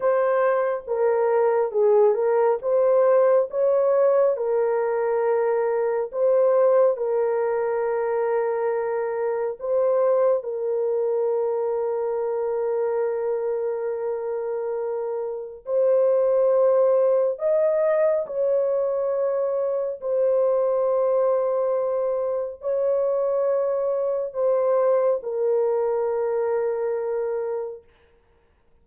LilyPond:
\new Staff \with { instrumentName = "horn" } { \time 4/4 \tempo 4 = 69 c''4 ais'4 gis'8 ais'8 c''4 | cis''4 ais'2 c''4 | ais'2. c''4 | ais'1~ |
ais'2 c''2 | dis''4 cis''2 c''4~ | c''2 cis''2 | c''4 ais'2. | }